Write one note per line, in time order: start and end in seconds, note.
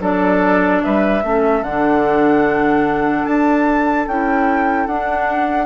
0.00 0.81 F#3
0.00 1.22 D4
0.00 0.82 A4
0.00 0.84 D5
0.84 1.23 G3
0.84 1.24 B4
0.84 1.63 E5
1.23 1.62 A3
1.23 1.64 C#4
1.23 5.66 A4
1.62 3.24 D3
1.62 4.09 D4
1.62 3.25 F#5
3.25 4.07 D4
3.25 4.06 A5
4.07 4.87 C#4
4.07 4.89 E4
4.07 4.87 G5
4.87 5.66 D4
4.87 5.66 F#5